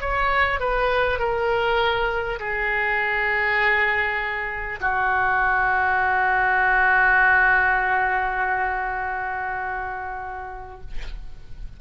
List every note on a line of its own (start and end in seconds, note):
0.00 0.59 C#5
0.59 1.19 B4
1.19 2.39 A#4
2.39 4.79 G#4
4.81 10.81 F#4